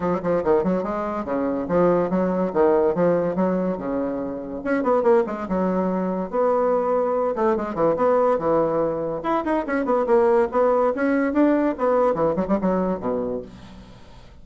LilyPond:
\new Staff \with { instrumentName = "bassoon" } { \time 4/4 \tempo 4 = 143 fis8 f8 dis8 fis8 gis4 cis4 | f4 fis4 dis4 f4 | fis4 cis2 cis'8 b8 | ais8 gis8 fis2 b4~ |
b4. a8 gis8 e8 b4 | e2 e'8 dis'8 cis'8 b8 | ais4 b4 cis'4 d'4 | b4 e8 fis16 g16 fis4 b,4 | }